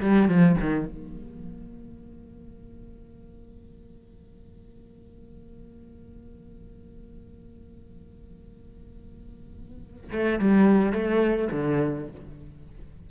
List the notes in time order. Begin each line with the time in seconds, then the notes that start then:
0.00 G3
0.27 F3
0.60 D#3
0.85 A#3
10.11 A3
10.39 G3
10.92 A3
11.52 D3